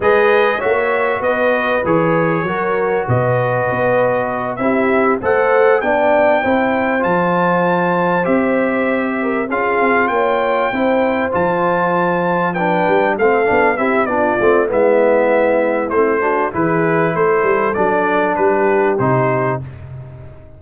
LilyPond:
<<
  \new Staff \with { instrumentName = "trumpet" } { \time 4/4 \tempo 4 = 98 dis''4 e''4 dis''4 cis''4~ | cis''4 dis''2~ dis''8 e''8~ | e''8 fis''4 g''2 a''8~ | a''4. e''2 f''8~ |
f''8 g''2 a''4.~ | a''8 g''4 f''4 e''8 d''4 | e''2 c''4 b'4 | c''4 d''4 b'4 c''4 | }
  \new Staff \with { instrumentName = "horn" } { \time 4/4 b'4 cis''4 b'2 | ais'4 b'2~ b'8 g'8~ | g'8 c''4 d''4 c''4.~ | c''2. ais'8 gis'8~ |
gis'8 cis''4 c''2~ c''8~ | c''8 b'4 a'4 g'8 f'4 | e'2~ e'8 fis'8 gis'4 | a'2 g'2 | }
  \new Staff \with { instrumentName = "trombone" } { \time 4/4 gis'4 fis'2 gis'4 | fis'2.~ fis'8 e'8~ | e'8 a'4 d'4 e'4 f'8~ | f'4. g'2 f'8~ |
f'4. e'4 f'4.~ | f'8 d'4 c'8 d'8 e'8 d'8 c'8 | b2 c'8 d'8 e'4~ | e'4 d'2 dis'4 | }
  \new Staff \with { instrumentName = "tuba" } { \time 4/4 gis4 ais4 b4 e4 | fis4 b,4 b4. c'8~ | c'8 a4 b4 c'4 f8~ | f4. c'2 cis'8 |
c'8 ais4 c'4 f4.~ | f4 g8 a8 b8 c'8 b8 a8 | gis2 a4 e4 | a8 g8 fis4 g4 c4 | }
>>